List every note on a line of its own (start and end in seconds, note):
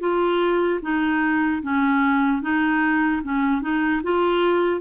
0.00 0.80 F4
0.82 1.62 D#4
1.63 2.42 C#4
2.42 3.22 D#4
3.23 3.62 C#4
3.62 4.02 D#4
4.03 4.81 F4